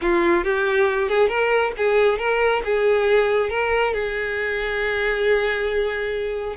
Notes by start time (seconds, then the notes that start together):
0.01 F4
0.44 G4
1.08 G#4
1.28 A#4
1.77 G#4
2.18 A#4
2.64 G#4
3.49 A#4
3.93 G#4